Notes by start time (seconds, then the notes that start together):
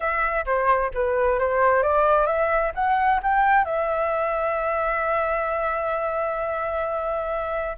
0.00 E5
0.45 C5
0.94 B4
1.39 C5
1.82 D5
2.26 E5
2.74 F#5
3.22 G5
3.65 E5